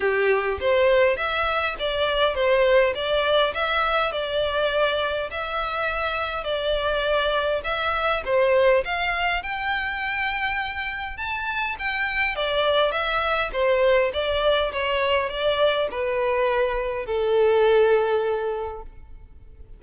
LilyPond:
\new Staff \with { instrumentName = "violin" } { \time 4/4 \tempo 4 = 102 g'4 c''4 e''4 d''4 | c''4 d''4 e''4 d''4~ | d''4 e''2 d''4~ | d''4 e''4 c''4 f''4 |
g''2. a''4 | g''4 d''4 e''4 c''4 | d''4 cis''4 d''4 b'4~ | b'4 a'2. | }